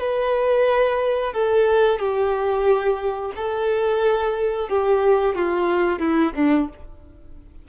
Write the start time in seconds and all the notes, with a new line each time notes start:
0.00 B4
1.33 A4
1.99 G4
3.35 A4
4.69 G4
5.35 F4
5.99 E4
6.35 D4